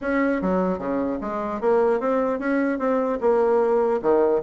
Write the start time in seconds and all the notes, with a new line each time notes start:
0.01 C#4
0.41 F#3
0.78 C#3
1.21 G#3
1.60 A#3
1.99 C4
2.39 C#4
2.79 C4
3.20 A#3
4.01 D#3